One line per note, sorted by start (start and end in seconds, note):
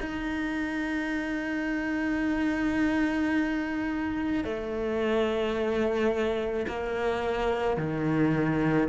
0.00 4.44 D#4
4.44 6.66 A3
6.67 7.77 A#3
7.77 8.88 D#3